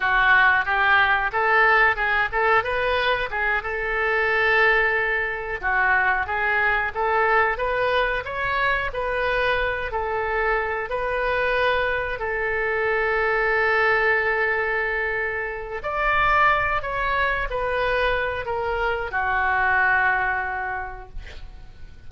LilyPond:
\new Staff \with { instrumentName = "oboe" } { \time 4/4 \tempo 4 = 91 fis'4 g'4 a'4 gis'8 a'8 | b'4 gis'8 a'2~ a'8~ | a'8 fis'4 gis'4 a'4 b'8~ | b'8 cis''4 b'4. a'4~ |
a'8 b'2 a'4.~ | a'1 | d''4. cis''4 b'4. | ais'4 fis'2. | }